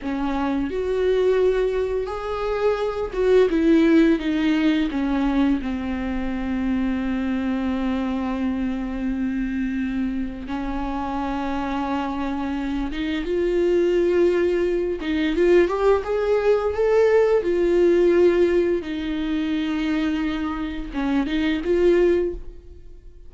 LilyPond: \new Staff \with { instrumentName = "viola" } { \time 4/4 \tempo 4 = 86 cis'4 fis'2 gis'4~ | gis'8 fis'8 e'4 dis'4 cis'4 | c'1~ | c'2. cis'4~ |
cis'2~ cis'8 dis'8 f'4~ | f'4. dis'8 f'8 g'8 gis'4 | a'4 f'2 dis'4~ | dis'2 cis'8 dis'8 f'4 | }